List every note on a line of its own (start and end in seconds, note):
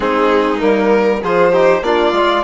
0.00 0.61 G#3
0.00 0.57 C4
0.00 1.21 D#4
0.00 0.60 G#4
0.57 1.22 G3
0.57 1.18 A#3
0.57 1.22 A#4
1.21 1.81 F3
1.21 1.53 F4
1.21 1.52 G#4
1.21 1.83 C5
1.52 1.83 D#4
1.52 1.82 G4
1.81 2.12 A#3
1.81 2.14 D4
1.81 2.44 F4
1.81 2.44 D5
2.12 2.42 G#3
2.12 2.44 F4